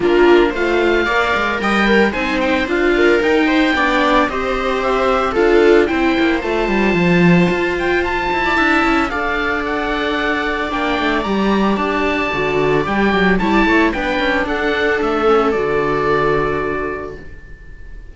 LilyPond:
<<
  \new Staff \with { instrumentName = "oboe" } { \time 4/4 \tempo 4 = 112 ais'4 f''2 g''4 | gis''8 g''8 f''4 g''2 | dis''4 e''4 f''4 g''4 | a''2~ a''8 g''8 a''4~ |
a''4 f''4 fis''2 | g''4 ais''4 a''2 | g''4 a''4 g''4 fis''4 | e''4 d''2. | }
  \new Staff \with { instrumentName = "viola" } { \time 4/4 f'4 c''4 d''4 dis''8 ais'8 | c''4. ais'4 c''8 d''4 | c''2 a'4 c''4~ | c''2.~ c''8. d''16 |
e''4 d''2.~ | d''1~ | d''4 cis''16 d''16 cis''8 b'4 a'4~ | a'1 | }
  \new Staff \with { instrumentName = "viola" } { \time 4/4 d'4 f'4 ais'2 | dis'4 f'4 dis'4 d'4 | g'2 f'4 e'4 | f'1 |
e'4 a'2. | d'4 g'2 fis'4 | g'4 e'4 d'2~ | d'8 cis'8 fis'2. | }
  \new Staff \with { instrumentName = "cello" } { \time 4/4 ais4 a4 ais8 gis8 g4 | c'4 d'4 dis'4 b4 | c'2 d'4 c'8 ais8 | a8 g8 f4 f'4. e'8 |
d'8 cis'8 d'2. | ais8 a8 g4 d'4 d4 | g8 fis8 g8 a8 b8 cis'8 d'4 | a4 d2. | }
>>